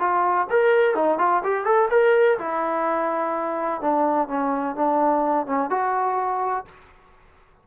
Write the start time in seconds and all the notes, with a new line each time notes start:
0.00 F4
0.50 A#4
0.95 D#4
1.19 F4
1.44 G4
1.65 A4
1.91 A#4
2.39 E4
3.82 D4
4.28 C#4
4.76 D4
5.47 C#4
5.70 F#4